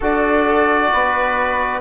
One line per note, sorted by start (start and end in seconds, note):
0.00 0.92 D4
0.00 1.81 F#4
0.00 0.89 A4
0.00 1.81 D5
0.92 1.81 B3
0.92 1.81 B4